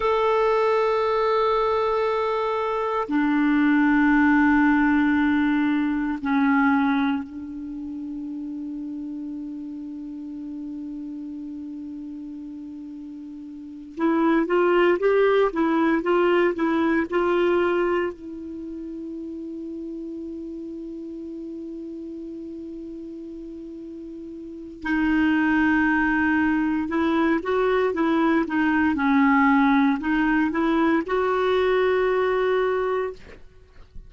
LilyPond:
\new Staff \with { instrumentName = "clarinet" } { \time 4/4 \tempo 4 = 58 a'2. d'4~ | d'2 cis'4 d'4~ | d'1~ | d'4. e'8 f'8 g'8 e'8 f'8 |
e'8 f'4 e'2~ e'8~ | e'1 | dis'2 e'8 fis'8 e'8 dis'8 | cis'4 dis'8 e'8 fis'2 | }